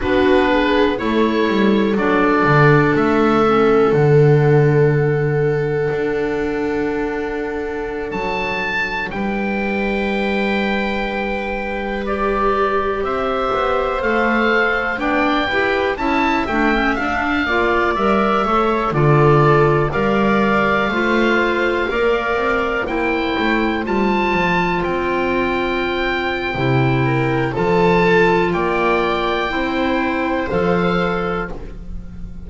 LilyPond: <<
  \new Staff \with { instrumentName = "oboe" } { \time 4/4 \tempo 4 = 61 b'4 cis''4 d''4 e''4 | fis''1~ | fis''16 a''4 g''2~ g''8.~ | g''16 d''4 e''4 f''4 g''8.~ |
g''16 a''8 g''8 f''4 e''4 d''8.~ | d''16 f''2. g''8.~ | g''16 a''4 g''2~ g''8. | a''4 g''2 f''4 | }
  \new Staff \with { instrumentName = "viola" } { \time 4/4 fis'8 gis'8 a'2.~ | a'1~ | a'4~ a'16 b'2~ b'8.~ | b'4~ b'16 c''2 d''8 b'16~ |
b'16 e''4. d''4 cis''8 a'8.~ | a'16 d''4 c''4 d''4 c''8.~ | c''2.~ c''8 ais'8 | a'4 d''4 c''2 | }
  \new Staff \with { instrumentName = "clarinet" } { \time 4/4 d'4 e'4 d'4. cis'8 | d'1~ | d'1~ | d'16 g'2 a'4 d'8 g'16~ |
g'16 e'8 d'16 cis'16 d'8 f'8 ais'8 a'8 f'8.~ | f'16 ais'4 f'4 ais'4 e'8.~ | e'16 f'2~ f'8. e'4 | f'2 e'4 a'4 | }
  \new Staff \with { instrumentName = "double bass" } { \time 4/4 b4 a8 g8 fis8 d8 a4 | d2 d'2~ | d'16 fis4 g2~ g8.~ | g4~ g16 c'8 b8 a4 b8 e'16~ |
e'16 cis'8 a8 d'8 ais8 g8 a8 d8.~ | d16 g4 a4 ais8 c'8 ais8 a16~ | a16 g8 f8 c'4.~ c'16 c4 | f4 ais4 c'4 f4 | }
>>